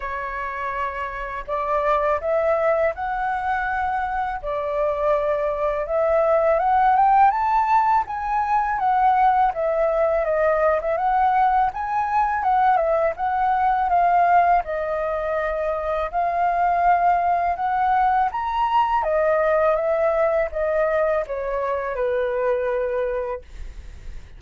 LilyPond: \new Staff \with { instrumentName = "flute" } { \time 4/4 \tempo 4 = 82 cis''2 d''4 e''4 | fis''2 d''2 | e''4 fis''8 g''8 a''4 gis''4 | fis''4 e''4 dis''8. e''16 fis''4 |
gis''4 fis''8 e''8 fis''4 f''4 | dis''2 f''2 | fis''4 ais''4 dis''4 e''4 | dis''4 cis''4 b'2 | }